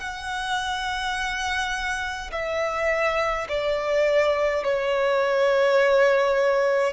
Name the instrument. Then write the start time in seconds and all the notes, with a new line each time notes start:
violin
0.00 F#5
2.32 E5
3.49 D5
4.64 C#5